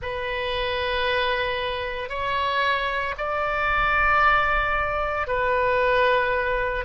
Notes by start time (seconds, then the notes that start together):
0.01 B4
2.09 C#5
3.17 D5
5.27 B4